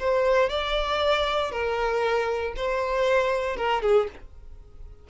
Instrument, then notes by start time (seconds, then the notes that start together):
violin
0.00 C5
0.50 D5
1.52 A#4
2.57 C5
3.57 A#4
3.83 G#4